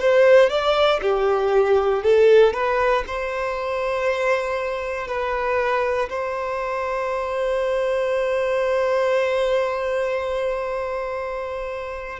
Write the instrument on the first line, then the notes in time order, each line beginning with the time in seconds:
violin
0.00 C5
0.49 D5
1.02 G4
2.03 A4
2.53 B4
3.07 C5
5.08 B4
6.10 C5